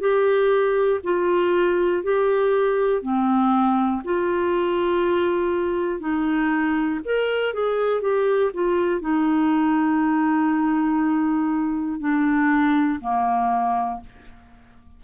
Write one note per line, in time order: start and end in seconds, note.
0.00 1.00 G4
1.04 2.03 F4
2.03 3.02 G4
3.02 4.02 C4
4.04 6.00 F4
6.00 7.00 D#4
7.05 7.53 A#4
7.53 8.01 G#4
8.01 8.51 G4
8.53 9.00 F4
9.00 12.00 D#4
12.00 13.00 D4
13.00 14.00 A#3